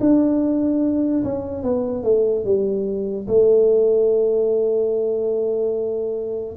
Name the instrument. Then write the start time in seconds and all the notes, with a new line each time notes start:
tuba
0.00 D4
1.24 C#4
1.63 B3
2.03 A3
2.44 G3
3.27 A3